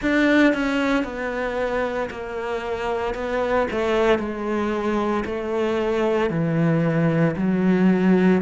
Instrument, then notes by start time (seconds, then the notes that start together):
cello
0.02 D4
0.53 C#4
1.04 B3
2.10 A#3
3.14 B3
3.71 A3
4.18 G#3
5.25 A3
6.30 E3
7.36 F#3